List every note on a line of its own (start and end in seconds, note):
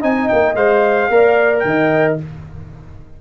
0.00 0.29 C4
0.00 0.54 D#4
0.00 1.07 D#5
0.00 0.28 G#5
0.28 0.55 A#3
0.28 0.55 G5
0.55 1.09 G#3
0.55 1.10 C5
0.55 1.59 F5
1.09 1.63 A#3
1.09 2.18 A#4
1.09 1.66 D5
1.59 2.18 D#3
1.59 2.13 G5
1.67 2.21 D#5